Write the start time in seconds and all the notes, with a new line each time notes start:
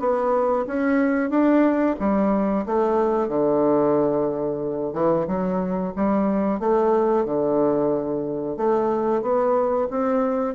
0.00 B3
0.67 C#4
1.30 D4
2.00 G3
2.66 A3
3.29 D3
4.94 E3
5.27 F#3
5.97 G3
6.60 A3
7.26 D3
8.57 A3
9.22 B3
9.91 C4